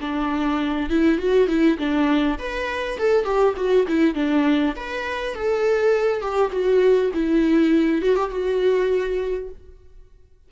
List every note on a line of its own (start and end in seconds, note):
0.00 0.89 D4
0.89 1.18 E4
1.18 1.48 F#4
1.48 1.77 E4
1.78 2.38 D4
2.38 2.98 B4
2.98 3.24 A4
3.24 3.54 G4
3.56 3.86 F#4
3.87 4.14 E4
4.14 4.74 D4
4.76 5.34 B4
5.34 6.21 A4
6.21 6.51 G4
6.51 7.11 F#4
7.13 8.01 E4
8.01 8.15 F#4
8.15 8.30 G4
8.30 9.49 F#4